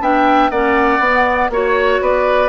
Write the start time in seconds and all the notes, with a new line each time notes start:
0.00 B3 D4 E5 G5
0.50 A#3 C#4 D5 F#5
0.99 B3
1.49 A#3 F#4 C#5
2.01 B3 B4 D5